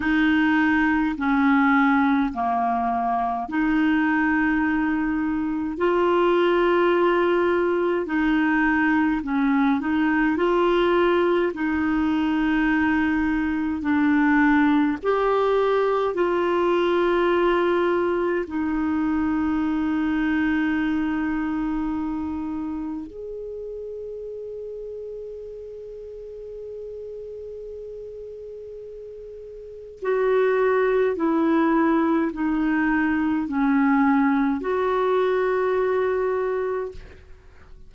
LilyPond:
\new Staff \with { instrumentName = "clarinet" } { \time 4/4 \tempo 4 = 52 dis'4 cis'4 ais4 dis'4~ | dis'4 f'2 dis'4 | cis'8 dis'8 f'4 dis'2 | d'4 g'4 f'2 |
dis'1 | gis'1~ | gis'2 fis'4 e'4 | dis'4 cis'4 fis'2 | }